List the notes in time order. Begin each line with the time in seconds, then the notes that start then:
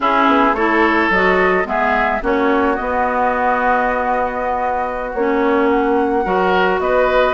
0.00 C#4 E4 G#4
0.27 B3
0.52 A3 E4 A4 C#5
1.09 F#3 F#4 D#5
1.64 G#3 B3 G#4 E5
2.22 A#3 C#4 F#4 C#5
2.75 B3 D#5
5.13 A#3 C#4 C#5
5.69 F#5
6.24 F#3 F#4 A#4
6.79 B3 B4 D#5